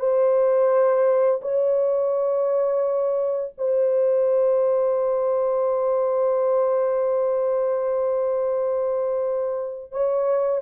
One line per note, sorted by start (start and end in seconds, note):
0.00 1.41 C5
1.42 3.54 C#5
3.58 9.92 C5
9.92 10.62 C#5